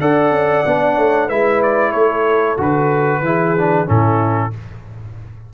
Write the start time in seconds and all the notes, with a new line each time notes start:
0.00 D4 A4 D5 F#5
0.31 C#4
0.65 B3 D4
0.95 A3 C#5
1.26 G#3 E4 B4 E5
1.62 D5
1.91 A3 A4 C#5
2.57 D3 F#4 B4
3.21 E3 E4 G#4
3.57 D4
3.86 A2 C#4 E4 A4